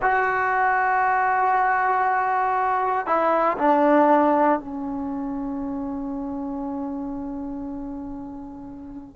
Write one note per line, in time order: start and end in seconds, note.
0.02 3.06 F#4
3.06 3.57 E4
3.58 4.59 D4
4.59 9.15 C#4